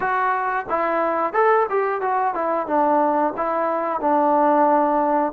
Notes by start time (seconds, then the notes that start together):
0.00 F#4
0.69 E4
1.33 A4
1.69 G4
2.01 F#4
2.34 E4
2.66 D4
3.36 E4
4.00 D4